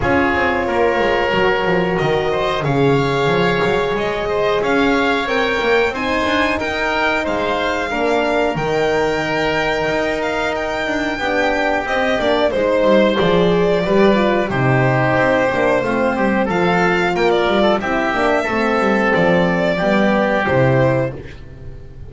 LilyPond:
<<
  \new Staff \with { instrumentName = "violin" } { \time 4/4 \tempo 4 = 91 cis''2. dis''4 | f''2 dis''4 f''4 | g''4 gis''4 g''4 f''4~ | f''4 g''2~ g''8 f''8 |
g''2 dis''8 d''8 c''4 | d''2 c''2~ | c''4 f''4 g''16 d''8. e''4~ | e''4 d''2 c''4 | }
  \new Staff \with { instrumentName = "oboe" } { \time 4/4 gis'4 ais'2~ ais'8 c''8 | cis''2~ cis''8 c''8 cis''4~ | cis''4 c''4 ais'4 c''4 | ais'1~ |
ais'4 g'2 c''4~ | c''4 b'4 g'2 | f'8 g'8 a'4 ais'8. a'16 g'4 | a'2 g'2 | }
  \new Staff \with { instrumentName = "horn" } { \time 4/4 f'2 fis'2 | gis'1 | ais'4 dis'2. | d'4 dis'2.~ |
dis'4 d'4 c'8 d'8 dis'4 | gis'4 g'8 f'8 dis'4. d'8 | c'4 f'2 e'8 d'8 | c'2 b4 e'4 | }
  \new Staff \with { instrumentName = "double bass" } { \time 4/4 cis'8 c'8 ais8 gis8 fis8 f8 dis4 | cis4 f8 fis8 gis4 cis'4 | c'8 ais8 c'8 d'8 dis'4 gis4 | ais4 dis2 dis'4~ |
dis'8 d'8 b4 c'8 ais8 gis8 g8 | f4 g4 c4 c'8 ais8 | a8 g8 f4 ais8 g8 c'8 ais8 | a8 g8 f4 g4 c4 | }
>>